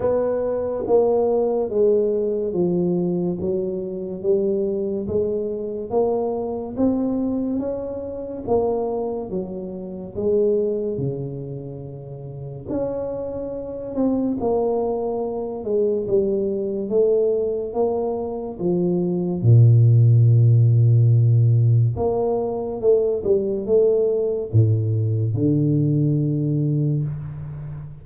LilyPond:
\new Staff \with { instrumentName = "tuba" } { \time 4/4 \tempo 4 = 71 b4 ais4 gis4 f4 | fis4 g4 gis4 ais4 | c'4 cis'4 ais4 fis4 | gis4 cis2 cis'4~ |
cis'8 c'8 ais4. gis8 g4 | a4 ais4 f4 ais,4~ | ais,2 ais4 a8 g8 | a4 a,4 d2 | }